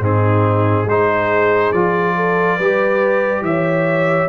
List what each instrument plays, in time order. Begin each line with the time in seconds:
0.00 tuba G#2, trombone C4, horn D#4, trumpet G#4
0.85 tuba G#3, trombone D#4, horn G#4, trumpet C5
1.72 tuba F3, trombone F4, trumpet D5
2.16 horn A4
2.57 tuba G3, trombone G4, horn B4
3.41 tuba E3, horn C#5, trumpet E5